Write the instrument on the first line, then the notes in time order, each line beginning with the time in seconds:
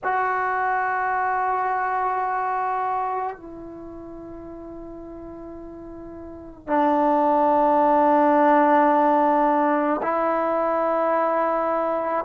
trombone
0.03 F#4
3.36 E4
6.67 D4
10.02 E4